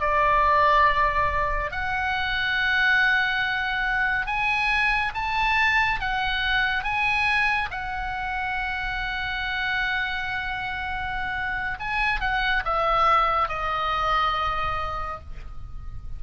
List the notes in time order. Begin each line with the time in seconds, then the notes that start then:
0.00 D5
1.71 F#5
4.27 G#5
5.14 A5
6.00 F#5
6.84 G#5
7.71 F#5
11.80 G#5
12.21 F#5
12.65 E5
13.48 D#5